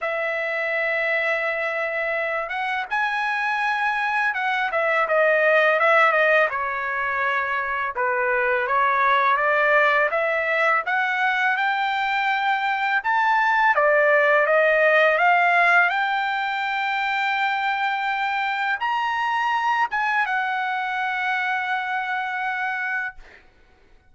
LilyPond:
\new Staff \with { instrumentName = "trumpet" } { \time 4/4 \tempo 4 = 83 e''2.~ e''8 fis''8 | gis''2 fis''8 e''8 dis''4 | e''8 dis''8 cis''2 b'4 | cis''4 d''4 e''4 fis''4 |
g''2 a''4 d''4 | dis''4 f''4 g''2~ | g''2 ais''4. gis''8 | fis''1 | }